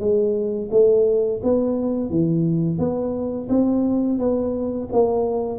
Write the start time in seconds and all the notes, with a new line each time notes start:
0.00 G#3
0.72 A3
1.44 B3
2.11 E3
2.79 B3
3.50 C4
4.20 B3
4.93 A#3